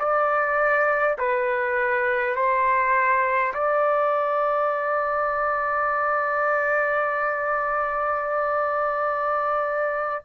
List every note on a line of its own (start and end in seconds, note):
0.00 1.18 D5
1.19 2.36 B4
2.36 3.54 C5
3.55 10.26 D5